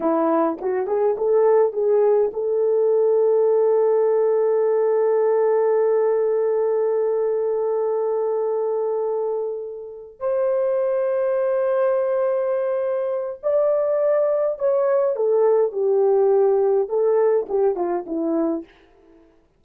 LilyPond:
\new Staff \with { instrumentName = "horn" } { \time 4/4 \tempo 4 = 103 e'4 fis'8 gis'8 a'4 gis'4 | a'1~ | a'1~ | a'1~ |
a'4. c''2~ c''8~ | c''2. d''4~ | d''4 cis''4 a'4 g'4~ | g'4 a'4 g'8 f'8 e'4 | }